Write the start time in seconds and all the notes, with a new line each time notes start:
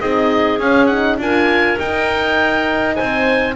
0.00 C4 D#4 G#4 D#5
0.59 C#4 F5
0.87 D#4 F#5
1.18 D4 F4 A#4 G#5
1.78 D#4 G5
2.96 C4 C5 G#5